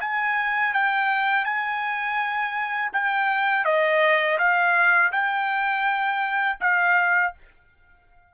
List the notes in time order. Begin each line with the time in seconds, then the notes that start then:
0.00 G#5
0.74 G5
1.45 G#5
2.93 G5
3.65 D#5
4.38 F5
5.12 G5
6.60 F5